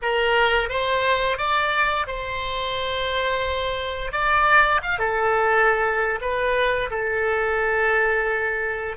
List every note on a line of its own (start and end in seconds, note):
0.02 0.69 A#4
0.69 1.37 C5
1.37 2.06 D5
2.06 4.12 C5
4.12 4.81 D5
4.82 4.98 F5
4.98 6.19 A4
6.21 6.90 B4
6.90 8.97 A4